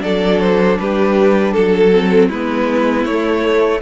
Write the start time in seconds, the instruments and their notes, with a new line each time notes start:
0.00 cello F#3, viola D4, violin A4 D5
0.40 violin C5
0.79 cello G3, violin G4 B4
1.53 cello F#3, violin A4
1.93 viola C4
2.28 cello G#3, viola B3, violin E4 B4
3.05 cello A3, viola A3, violin C#5